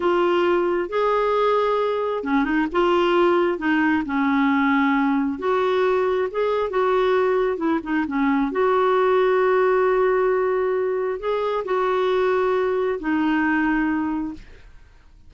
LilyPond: \new Staff \with { instrumentName = "clarinet" } { \time 4/4 \tempo 4 = 134 f'2 gis'2~ | gis'4 cis'8 dis'8 f'2 | dis'4 cis'2. | fis'2 gis'4 fis'4~ |
fis'4 e'8 dis'8 cis'4 fis'4~ | fis'1~ | fis'4 gis'4 fis'2~ | fis'4 dis'2. | }